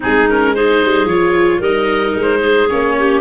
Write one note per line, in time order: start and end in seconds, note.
0.00 0.84 G#3
0.00 0.25 C4
0.00 0.51 D#4
0.00 0.29 G#4
0.29 0.56 C#4
0.29 0.54 A#4
0.54 1.08 D#4
0.54 1.59 G#4
0.54 1.07 C5
0.84 1.05 G3
1.05 1.59 F3
1.05 1.62 F4
1.05 1.61 C#5
1.59 2.14 G3
1.59 2.68 D#4
1.59 2.40 A#4
1.59 2.16 D#5
2.15 2.69 G#3
2.21 2.68 C5
2.41 2.95 G#4
2.68 3.21 A#3
2.68 3.21 C#4
2.68 3.21 C#5
2.97 3.21 G4